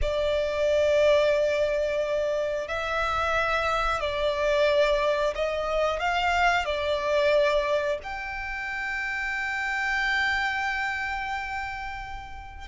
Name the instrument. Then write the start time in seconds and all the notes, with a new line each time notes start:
violin
0.01 D5
2.68 E5
4.00 D5
5.35 D#5
5.99 F5
6.65 D5
8.03 G5